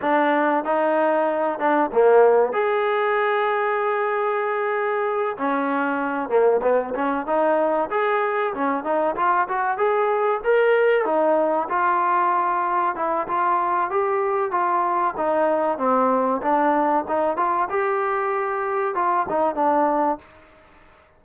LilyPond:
\new Staff \with { instrumentName = "trombone" } { \time 4/4 \tempo 4 = 95 d'4 dis'4. d'8 ais4 | gis'1~ | gis'8 cis'4. ais8 b8 cis'8 dis'8~ | dis'8 gis'4 cis'8 dis'8 f'8 fis'8 gis'8~ |
gis'8 ais'4 dis'4 f'4.~ | f'8 e'8 f'4 g'4 f'4 | dis'4 c'4 d'4 dis'8 f'8 | g'2 f'8 dis'8 d'4 | }